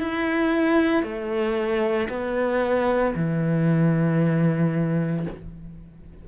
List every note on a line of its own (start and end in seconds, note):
0.00 1.03 E4
1.03 2.08 A3
2.09 3.14 B3
3.15 5.26 E3